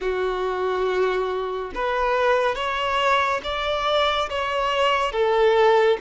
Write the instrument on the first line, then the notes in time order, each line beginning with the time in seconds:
violin
0.00 F#4
1.74 B4
2.55 C#5
3.43 D5
4.29 C#5
5.12 A4